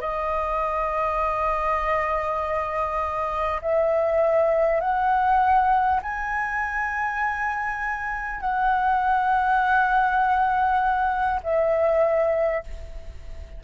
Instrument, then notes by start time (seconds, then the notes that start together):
flute
0.00 D#5
3.61 E5
4.80 F#5
6.02 G#5
8.40 F#5
11.43 E5